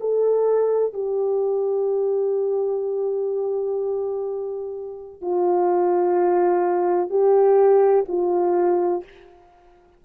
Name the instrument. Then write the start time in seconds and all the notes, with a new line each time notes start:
horn
0.00 A4
0.94 G4
5.22 F4
7.10 G4
8.08 F4